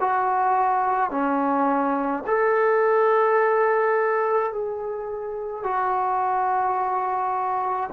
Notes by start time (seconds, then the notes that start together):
0.00 F#4
1.10 C#4
2.26 A4
4.52 G#4
5.63 F#4